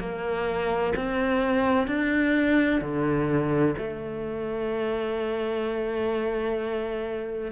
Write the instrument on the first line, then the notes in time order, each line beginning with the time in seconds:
cello
0.00 A#3
0.97 C4
1.88 D4
2.82 D3
3.78 A3